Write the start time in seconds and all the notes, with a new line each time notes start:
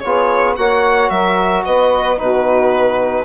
0.00 B3 F4 G#4 C#5
0.56 A#3 F#4 C#5 F#5
1.10 F#3 A#4 E5
1.65 B3 B4 D#5
2.18 B2 D#4 F#4 B4